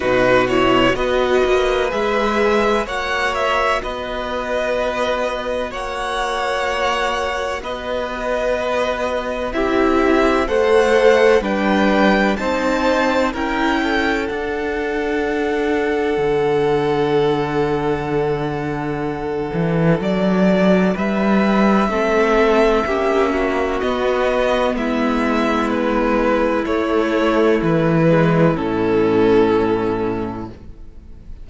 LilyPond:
<<
  \new Staff \with { instrumentName = "violin" } { \time 4/4 \tempo 4 = 63 b'8 cis''8 dis''4 e''4 fis''8 e''8 | dis''2 fis''2 | dis''2 e''4 fis''4 | g''4 a''4 g''4 fis''4~ |
fis''1~ | fis''4 d''4 e''2~ | e''4 dis''4 e''4 b'4 | cis''4 b'4 a'2 | }
  \new Staff \with { instrumentName = "violin" } { \time 4/4 fis'4 b'2 cis''4 | b'2 cis''2 | b'2 g'4 c''4 | b'4 c''4 ais'8 a'4.~ |
a'1~ | a'2 b'4 a'4 | g'8 fis'4. e'2~ | e'1 | }
  \new Staff \with { instrumentName = "viola" } { \time 4/4 dis'8 e'8 fis'4 gis'4 fis'4~ | fis'1~ | fis'2 e'4 a'4 | d'4 dis'4 e'4 d'4~ |
d'1~ | d'2. c'4 | cis'4 b2. | a4. gis8 cis'2 | }
  \new Staff \with { instrumentName = "cello" } { \time 4/4 b,4 b8 ais8 gis4 ais4 | b2 ais2 | b2 c'4 a4 | g4 c'4 cis'4 d'4~ |
d'4 d2.~ | d8 e8 fis4 g4 a4 | ais4 b4 gis2 | a4 e4 a,2 | }
>>